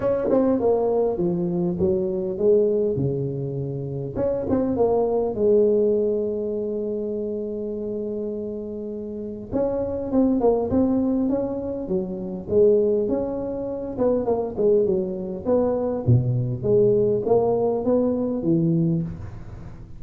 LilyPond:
\new Staff \with { instrumentName = "tuba" } { \time 4/4 \tempo 4 = 101 cis'8 c'8 ais4 f4 fis4 | gis4 cis2 cis'8 c'8 | ais4 gis2.~ | gis1 |
cis'4 c'8 ais8 c'4 cis'4 | fis4 gis4 cis'4. b8 | ais8 gis8 fis4 b4 b,4 | gis4 ais4 b4 e4 | }